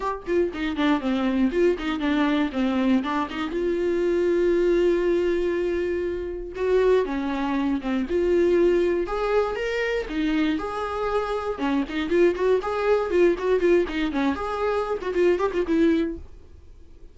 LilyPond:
\new Staff \with { instrumentName = "viola" } { \time 4/4 \tempo 4 = 119 g'8 f'8 dis'8 d'8 c'4 f'8 dis'8 | d'4 c'4 d'8 dis'8 f'4~ | f'1~ | f'4 fis'4 cis'4. c'8 |
f'2 gis'4 ais'4 | dis'4 gis'2 cis'8 dis'8 | f'8 fis'8 gis'4 f'8 fis'8 f'8 dis'8 | cis'8 gis'4~ gis'16 fis'16 f'8 g'16 f'16 e'4 | }